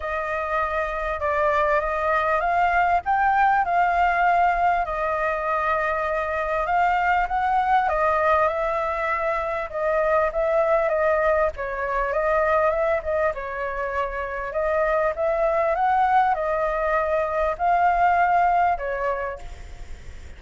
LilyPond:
\new Staff \with { instrumentName = "flute" } { \time 4/4 \tempo 4 = 99 dis''2 d''4 dis''4 | f''4 g''4 f''2 | dis''2. f''4 | fis''4 dis''4 e''2 |
dis''4 e''4 dis''4 cis''4 | dis''4 e''8 dis''8 cis''2 | dis''4 e''4 fis''4 dis''4~ | dis''4 f''2 cis''4 | }